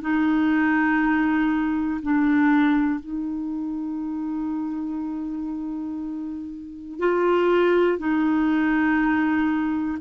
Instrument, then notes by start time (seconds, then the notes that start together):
clarinet
0.00 D#4
2.02 D4
3.00 D#4
6.99 F4
7.98 D#4